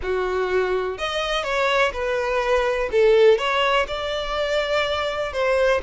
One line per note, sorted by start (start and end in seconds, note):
0.02 0.98 F#4
0.98 1.43 D#5
1.43 1.92 C#5
1.92 2.89 B4
2.91 3.38 A4
3.38 3.86 C#5
3.87 5.32 D5
5.32 5.81 C5